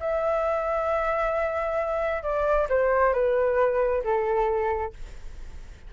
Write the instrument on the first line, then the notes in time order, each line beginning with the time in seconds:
flute
0.00 E5
2.23 D5
2.69 C5
3.13 B4
4.04 A4